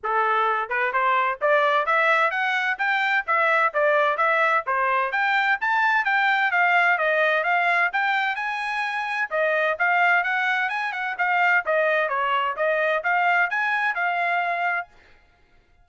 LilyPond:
\new Staff \with { instrumentName = "trumpet" } { \time 4/4 \tempo 4 = 129 a'4. b'8 c''4 d''4 | e''4 fis''4 g''4 e''4 | d''4 e''4 c''4 g''4 | a''4 g''4 f''4 dis''4 |
f''4 g''4 gis''2 | dis''4 f''4 fis''4 gis''8 fis''8 | f''4 dis''4 cis''4 dis''4 | f''4 gis''4 f''2 | }